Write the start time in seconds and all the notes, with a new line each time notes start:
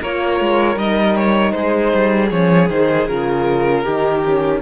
0.00 A#3 F4 A#4 C#5
0.40 G#3
0.75 G3 D#4 D#5
1.16 C#5
1.51 G#3 G#4 C5
1.94 G3
2.30 F3 C#4 C#5
2.69 D#3 D#4 C5
3.07 C#3 F4 A#4
3.83 D#3 D#4 G4
4.24 C#4